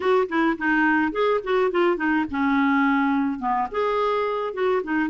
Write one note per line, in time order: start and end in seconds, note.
0.00 0.27 F#4
0.28 0.57 E4
0.57 1.12 D#4
1.12 1.40 G#4
1.43 1.71 F#4
1.71 1.96 F4
1.96 2.25 D#4
2.30 3.39 C#4
3.39 3.67 B3
3.71 4.53 G#4
4.53 4.82 F#4
4.83 5.09 D#4